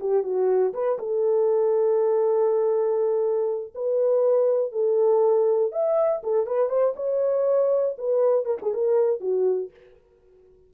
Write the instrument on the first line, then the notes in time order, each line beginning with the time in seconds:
horn
0.00 G4
0.23 F#4
0.74 B4
0.99 A4
3.75 B4
4.72 A4
5.72 E5
6.23 A4
6.47 B4
6.69 C5
6.96 C#5
7.98 B4
8.45 A#4
8.62 G#4
8.74 A#4
9.21 F#4